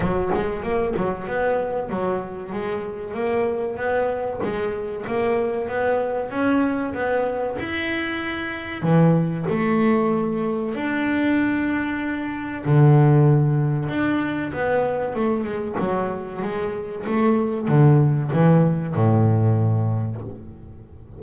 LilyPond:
\new Staff \with { instrumentName = "double bass" } { \time 4/4 \tempo 4 = 95 fis8 gis8 ais8 fis8 b4 fis4 | gis4 ais4 b4 gis4 | ais4 b4 cis'4 b4 | e'2 e4 a4~ |
a4 d'2. | d2 d'4 b4 | a8 gis8 fis4 gis4 a4 | d4 e4 a,2 | }